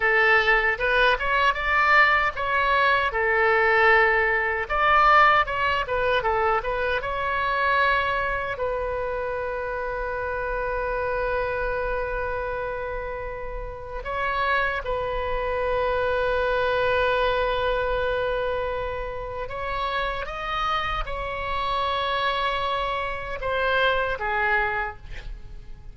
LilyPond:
\new Staff \with { instrumentName = "oboe" } { \time 4/4 \tempo 4 = 77 a'4 b'8 cis''8 d''4 cis''4 | a'2 d''4 cis''8 b'8 | a'8 b'8 cis''2 b'4~ | b'1~ |
b'2 cis''4 b'4~ | b'1~ | b'4 cis''4 dis''4 cis''4~ | cis''2 c''4 gis'4 | }